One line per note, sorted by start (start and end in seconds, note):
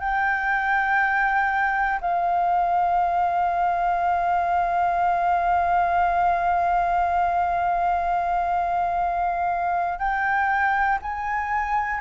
0.00 2.00 G5
2.01 9.99 F5
9.99 10.99 G5
11.02 12.01 G#5